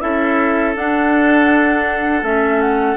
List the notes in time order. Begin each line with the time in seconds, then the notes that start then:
0.00 C#4 E4 A4 E5
0.75 D4 F#5
2.22 A3 C#4 E5
2.61 F#5